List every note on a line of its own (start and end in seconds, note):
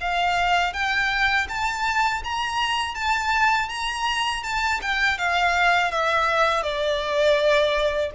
0.00 0.73 F5
0.73 1.47 G5
1.48 2.22 A5
2.24 2.94 A#5
2.94 3.68 A5
3.69 4.43 A#5
4.43 4.80 A5
4.81 5.18 G5
5.18 5.91 F5
5.91 6.62 E5
6.62 8.10 D5